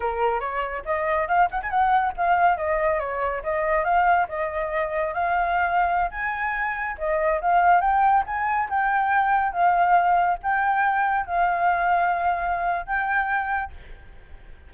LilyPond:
\new Staff \with { instrumentName = "flute" } { \time 4/4 \tempo 4 = 140 ais'4 cis''4 dis''4 f''8 fis''16 gis''16 | fis''4 f''4 dis''4 cis''4 | dis''4 f''4 dis''2 | f''2~ f''16 gis''4.~ gis''16~ |
gis''16 dis''4 f''4 g''4 gis''8.~ | gis''16 g''2 f''4.~ f''16~ | f''16 g''2 f''4.~ f''16~ | f''2 g''2 | }